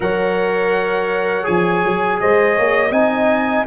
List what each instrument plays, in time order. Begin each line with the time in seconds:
0.00 tuba F#3, trombone A#4, horn C#5, trumpet F#5
1.43 tuba F3, trombone G#4, trumpet G#5
1.85 tuba F#3
2.20 tuba G#3, horn C5, trumpet D#5
2.55 tuba A#3, horn C#5
2.89 tuba C4, trombone D#4, horn D#5, trumpet G#5